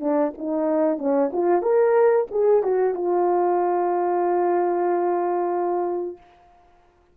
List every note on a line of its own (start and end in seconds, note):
0.00 0.32 D4
0.38 0.98 D#4
0.98 1.30 C#4
1.33 1.62 F4
1.62 2.27 A#4
2.31 2.63 G#4
2.63 2.94 F#4
2.94 6.17 F4